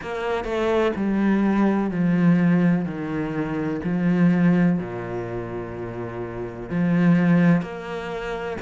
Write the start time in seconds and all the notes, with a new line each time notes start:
0.02 A#3
0.44 A3
0.95 G3
1.90 F3
2.85 D#3
3.84 F3
4.79 A#2
6.69 F3
7.61 A#3